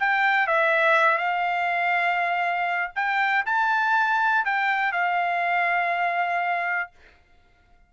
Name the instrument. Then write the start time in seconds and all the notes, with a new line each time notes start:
trumpet
0.00 G5
0.47 E5
1.18 F5
2.95 G5
3.46 A5
4.45 G5
4.92 F5